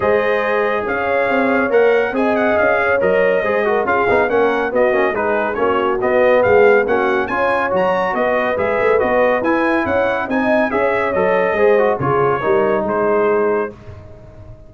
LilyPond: <<
  \new Staff \with { instrumentName = "trumpet" } { \time 4/4 \tempo 4 = 140 dis''2 f''2 | fis''4 gis''8 fis''8 f''4 dis''4~ | dis''4 f''4 fis''4 dis''4 | b'4 cis''4 dis''4 f''4 |
fis''4 gis''4 ais''4 dis''4 | e''4 dis''4 gis''4 fis''4 | gis''4 e''4 dis''2 | cis''2 c''2 | }
  \new Staff \with { instrumentName = "horn" } { \time 4/4 c''2 cis''2~ | cis''4 dis''4. cis''4. | c''8 ais'8 gis'4 ais'4 fis'4 | gis'4 fis'2 gis'4 |
fis'4 cis''2 b'4~ | b'2. cis''4 | dis''4 cis''2 c''4 | gis'4 ais'4 gis'2 | }
  \new Staff \with { instrumentName = "trombone" } { \time 4/4 gis'1 | ais'4 gis'2 ais'4 | gis'8 fis'8 f'8 dis'8 cis'4 b8 cis'8 | dis'4 cis'4 b2 |
cis'4 f'4 fis'2 | gis'4 fis'4 e'2 | dis'4 gis'4 a'4 gis'8 fis'8 | f'4 dis'2. | }
  \new Staff \with { instrumentName = "tuba" } { \time 4/4 gis2 cis'4 c'4 | ais4 c'4 cis'4 fis4 | gis4 cis'8 b8 ais4 b8 ais8 | gis4 ais4 b4 gis4 |
ais4 cis'4 fis4 b4 | gis8 a8 b4 e'4 cis'4 | c'4 cis'4 fis4 gis4 | cis4 g4 gis2 | }
>>